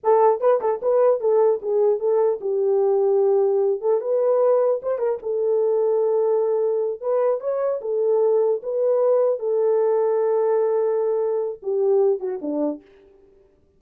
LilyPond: \new Staff \with { instrumentName = "horn" } { \time 4/4 \tempo 4 = 150 a'4 b'8 a'8 b'4 a'4 | gis'4 a'4 g'2~ | g'4. a'8 b'2 | c''8 ais'8 a'2.~ |
a'4. b'4 cis''4 a'8~ | a'4. b'2 a'8~ | a'1~ | a'4 g'4. fis'8 d'4 | }